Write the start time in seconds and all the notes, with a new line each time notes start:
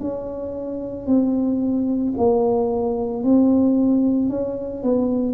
0.00 C#4
1.06 C4
2.17 A#3
3.23 C4
4.29 C#4
4.83 B3